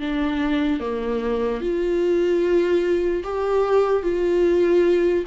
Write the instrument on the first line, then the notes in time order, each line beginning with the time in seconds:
viola
0.00 D4
0.80 A#3
1.61 F4
3.24 G4
4.03 F4